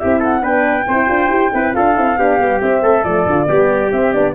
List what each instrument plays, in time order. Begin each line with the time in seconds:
0.00 tuba C4, horn E4, trumpet G4, flute E5
0.20 trumpet A4, flute F#5
0.42 tuba B3, horn D4, trumpet B4, flute G5
0.88 tuba C4, horn E4, trumpet C5
1.08 tuba D4, horn F4
1.29 tuba E4, horn G4
1.54 tuba C4, horn E4, trumpet B4
1.74 tuba D4, horn F4, trumpet A4, flute F5
1.95 tuba C4, horn E4
2.18 tuba B3, horn D4, trumpet G4
2.39 tuba G3, horn B3
2.61 tuba C4, horn C4, flute E5
2.82 tuba A3, trumpet A4
3.04 tuba F3, horn A3, flute D5
3.27 tuba D3, horn F4
3.47 tuba G3, horn B3, trumpet G4
3.92 horn C4, tuba C4, flute E5
4.13 tuba B3, horn D4, flute D5